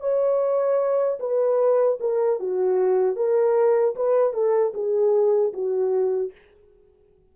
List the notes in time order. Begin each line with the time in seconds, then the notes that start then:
0.00 C#5
1.20 B4
2.00 A#4
2.40 F#4
3.17 A#4
3.96 B4
4.33 A4
4.74 G#4
5.53 F#4